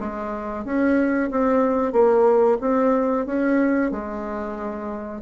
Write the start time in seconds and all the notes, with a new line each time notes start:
0.00 G#3
0.65 C#4
1.31 C4
1.92 A#3
2.61 C4
3.26 C#4
3.91 G#3